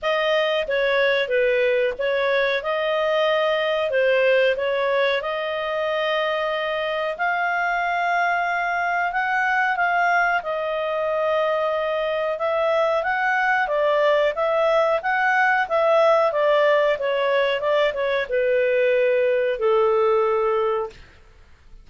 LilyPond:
\new Staff \with { instrumentName = "clarinet" } { \time 4/4 \tempo 4 = 92 dis''4 cis''4 b'4 cis''4 | dis''2 c''4 cis''4 | dis''2. f''4~ | f''2 fis''4 f''4 |
dis''2. e''4 | fis''4 d''4 e''4 fis''4 | e''4 d''4 cis''4 d''8 cis''8 | b'2 a'2 | }